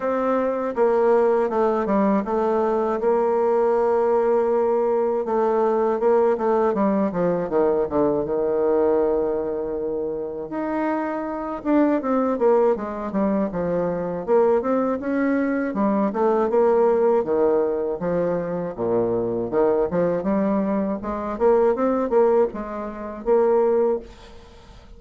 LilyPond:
\new Staff \with { instrumentName = "bassoon" } { \time 4/4 \tempo 4 = 80 c'4 ais4 a8 g8 a4 | ais2. a4 | ais8 a8 g8 f8 dis8 d8 dis4~ | dis2 dis'4. d'8 |
c'8 ais8 gis8 g8 f4 ais8 c'8 | cis'4 g8 a8 ais4 dis4 | f4 ais,4 dis8 f8 g4 | gis8 ais8 c'8 ais8 gis4 ais4 | }